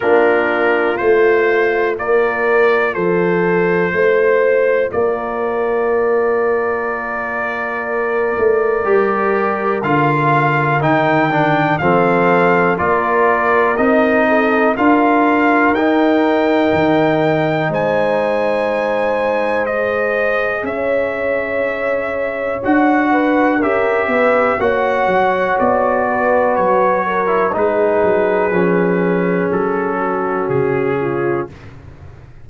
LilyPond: <<
  \new Staff \with { instrumentName = "trumpet" } { \time 4/4 \tempo 4 = 61 ais'4 c''4 d''4 c''4~ | c''4 d''2.~ | d''2 f''4 g''4 | f''4 d''4 dis''4 f''4 |
g''2 gis''2 | dis''4 e''2 fis''4 | e''4 fis''4 d''4 cis''4 | b'2 a'4 gis'4 | }
  \new Staff \with { instrumentName = "horn" } { \time 4/4 f'2 ais'4 a'4 | c''4 ais'2.~ | ais'1 | a'4 ais'4. a'8 ais'4~ |
ais'2 c''2~ | c''4 cis''2~ cis''8 b'8 | ais'8 b'8 cis''4. b'4 ais'8 | gis'2~ gis'8 fis'4 f'8 | }
  \new Staff \with { instrumentName = "trombone" } { \time 4/4 d'4 f'2.~ | f'1~ | f'4 g'4 f'4 dis'8 d'8 | c'4 f'4 dis'4 f'4 |
dis'1 | gis'2. fis'4 | g'4 fis'2~ fis'8. e'16 | dis'4 cis'2. | }
  \new Staff \with { instrumentName = "tuba" } { \time 4/4 ais4 a4 ais4 f4 | a4 ais2.~ | ais8 a8 g4 d4 dis4 | f4 ais4 c'4 d'4 |
dis'4 dis4 gis2~ | gis4 cis'2 d'4 | cis'8 b8 ais8 fis8 b4 fis4 | gis8 fis8 f4 fis4 cis4 | }
>>